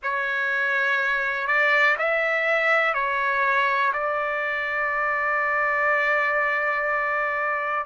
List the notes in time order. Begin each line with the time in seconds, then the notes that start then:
0.03 C#5
1.47 D5
1.98 E5
2.94 C#5
3.93 D5